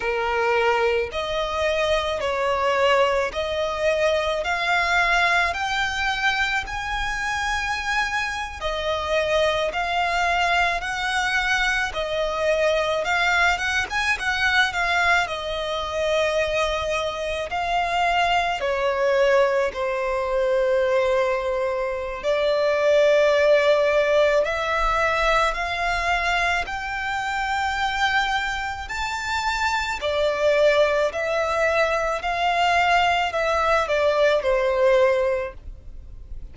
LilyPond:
\new Staff \with { instrumentName = "violin" } { \time 4/4 \tempo 4 = 54 ais'4 dis''4 cis''4 dis''4 | f''4 g''4 gis''4.~ gis''16 dis''16~ | dis''8. f''4 fis''4 dis''4 f''16~ | f''16 fis''16 gis''16 fis''8 f''8 dis''2 f''16~ |
f''8. cis''4 c''2~ c''16 | d''2 e''4 f''4 | g''2 a''4 d''4 | e''4 f''4 e''8 d''8 c''4 | }